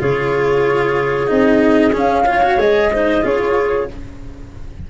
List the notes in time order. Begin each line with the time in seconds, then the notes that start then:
0.00 C#3 F4 G#4 C#5
1.27 C4 D#4 D#5
1.93 C#4 F5
2.26 F4 C#5
2.43 F#4
2.57 G#3 G#4 D#5
2.93 D#4 C5
3.22 C#4 F4 G#4 C#5